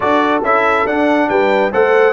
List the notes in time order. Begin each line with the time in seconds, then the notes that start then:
0.00 D4 F#4 A4 D5
0.42 C#4 E4 E5
0.85 D4 F#5
1.29 G3 B4 G5
1.71 A3 A4 C5 F#5